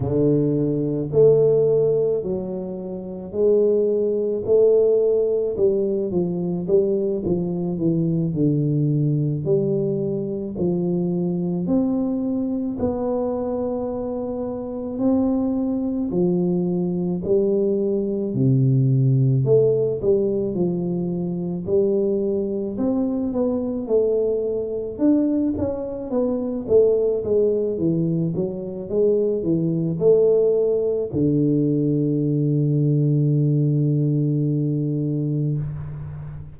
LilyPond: \new Staff \with { instrumentName = "tuba" } { \time 4/4 \tempo 4 = 54 d4 a4 fis4 gis4 | a4 g8 f8 g8 f8 e8 d8~ | d8 g4 f4 c'4 b8~ | b4. c'4 f4 g8~ |
g8 c4 a8 g8 f4 g8~ | g8 c'8 b8 a4 d'8 cis'8 b8 | a8 gis8 e8 fis8 gis8 e8 a4 | d1 | }